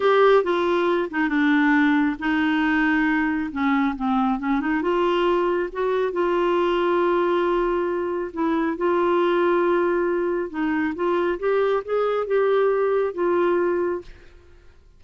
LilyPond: \new Staff \with { instrumentName = "clarinet" } { \time 4/4 \tempo 4 = 137 g'4 f'4. dis'8 d'4~ | d'4 dis'2. | cis'4 c'4 cis'8 dis'8 f'4~ | f'4 fis'4 f'2~ |
f'2. e'4 | f'1 | dis'4 f'4 g'4 gis'4 | g'2 f'2 | }